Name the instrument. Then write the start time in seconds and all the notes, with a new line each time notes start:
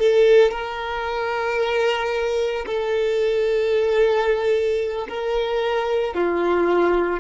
violin
0.00 A4
0.52 A#4
2.67 A4
5.09 A#4
6.15 F4